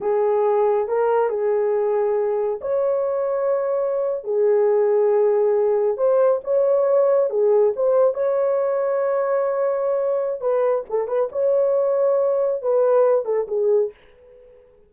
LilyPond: \new Staff \with { instrumentName = "horn" } { \time 4/4 \tempo 4 = 138 gis'2 ais'4 gis'4~ | gis'2 cis''2~ | cis''4.~ cis''16 gis'2~ gis'16~ | gis'4.~ gis'16 c''4 cis''4~ cis''16~ |
cis''8. gis'4 c''4 cis''4~ cis''16~ | cis''1 | b'4 a'8 b'8 cis''2~ | cis''4 b'4. a'8 gis'4 | }